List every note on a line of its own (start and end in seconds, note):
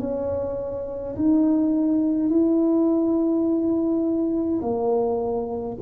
0.00 1.15 C#4
1.16 2.30 D#4
2.30 4.61 E4
4.62 5.77 A#3